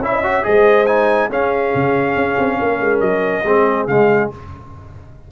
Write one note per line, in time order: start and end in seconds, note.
0.00 0.43 C#4
0.00 0.23 E4
0.00 0.12 C#5
0.00 0.45 E5
0.12 0.23 D#5
0.23 0.43 F#4
0.23 0.45 C#5
0.43 1.29 G#3
0.43 0.86 G#4
0.43 1.29 C5
0.43 0.86 D#5
0.86 1.30 D#4
0.86 1.29 G#5
1.29 1.72 C#4
1.29 3.45 C#4
1.29 2.58 G#4
1.29 3.00 F5
1.75 2.16 C#3
2.16 2.37 C#4
2.38 2.59 C4
2.59 2.80 A#3
2.59 3.44 A#4
2.80 3.00 G#3
3.00 3.43 F#3
3.00 3.86 D#5
3.44 3.87 G#3
3.44 3.88 C4
3.44 4.30 G#4
3.87 4.30 C#3
3.87 4.31 G#3
3.87 4.30 F5